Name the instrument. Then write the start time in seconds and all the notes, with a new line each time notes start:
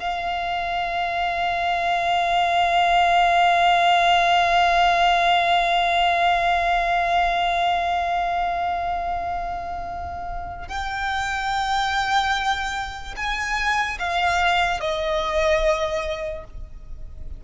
violin
0.00 F5
10.68 G5
13.17 G#5
14.00 F5
14.80 D#5